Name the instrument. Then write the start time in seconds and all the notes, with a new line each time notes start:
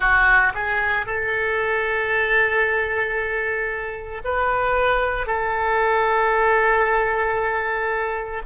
oboe
0.00 F#4
0.54 G#4
1.05 A4
4.24 B4
5.26 A4